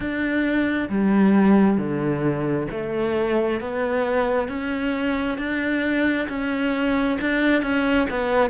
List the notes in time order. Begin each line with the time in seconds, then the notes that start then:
0.00 D4
0.89 G3
1.77 D3
2.71 A3
3.60 B3
4.48 C#4
5.38 D4
6.28 C#4
7.20 D4
7.62 C#4
8.10 B3